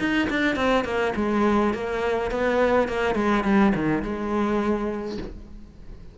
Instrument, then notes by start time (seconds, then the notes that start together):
cello
0.00 D#4
0.30 D4
0.56 C4
0.85 A#3
1.16 G#3
1.74 A#3
2.32 B3
2.88 A#3
3.15 G#3
3.44 G3
3.76 D#3
4.03 G#3